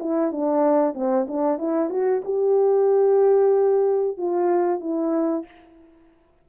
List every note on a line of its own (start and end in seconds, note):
0.00 0.32 E4
0.32 0.94 D4
0.94 1.27 C4
1.28 1.58 D4
1.58 1.90 E4
1.90 2.22 F#4
2.25 4.17 G4
4.17 4.80 F4
4.80 5.45 E4